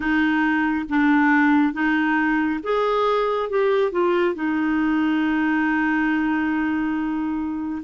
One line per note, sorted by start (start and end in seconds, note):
0.00 0.85 D#4
0.89 1.73 D4
1.73 2.60 D#4
2.63 3.49 G#4
3.49 3.91 G4
3.91 4.34 F4
4.34 7.82 D#4